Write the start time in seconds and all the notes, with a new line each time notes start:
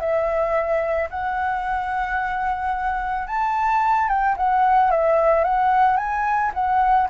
0.00 E5
1.10 F#5
3.27 A5
4.08 G5
4.36 F#5
4.91 E5
5.44 F#5
5.97 G#5
6.54 F#5